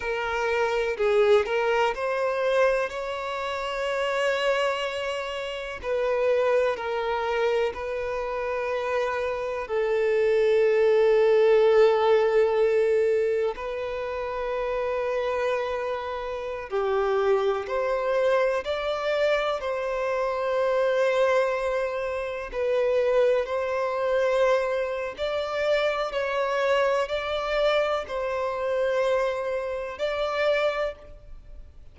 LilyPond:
\new Staff \with { instrumentName = "violin" } { \time 4/4 \tempo 4 = 62 ais'4 gis'8 ais'8 c''4 cis''4~ | cis''2 b'4 ais'4 | b'2 a'2~ | a'2 b'2~ |
b'4~ b'16 g'4 c''4 d''8.~ | d''16 c''2. b'8.~ | b'16 c''4.~ c''16 d''4 cis''4 | d''4 c''2 d''4 | }